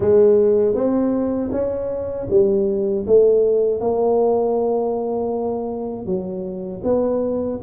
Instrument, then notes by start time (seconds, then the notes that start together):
tuba
0.00 G#3
0.74 C4
1.51 C#4
2.30 G3
3.07 A3
3.80 A#3
6.06 F#3
6.84 B3